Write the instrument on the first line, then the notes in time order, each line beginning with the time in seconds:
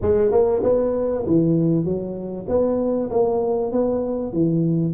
tuba
0.01 G#3
0.31 A#3
0.63 B3
1.26 E3
1.84 F#3
2.48 B3
3.10 A#3
3.71 B3
4.32 E3